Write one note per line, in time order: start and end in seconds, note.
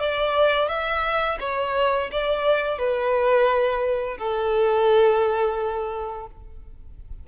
0.00 0.69 D5
0.69 1.39 E5
1.40 2.10 C#5
2.12 2.79 D5
2.79 4.18 B4
4.18 6.27 A4